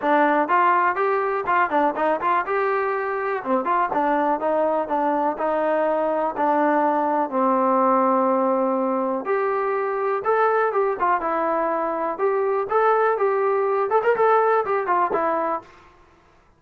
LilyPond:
\new Staff \with { instrumentName = "trombone" } { \time 4/4 \tempo 4 = 123 d'4 f'4 g'4 f'8 d'8 | dis'8 f'8 g'2 c'8 f'8 | d'4 dis'4 d'4 dis'4~ | dis'4 d'2 c'4~ |
c'2. g'4~ | g'4 a'4 g'8 f'8 e'4~ | e'4 g'4 a'4 g'4~ | g'8 a'16 ais'16 a'4 g'8 f'8 e'4 | }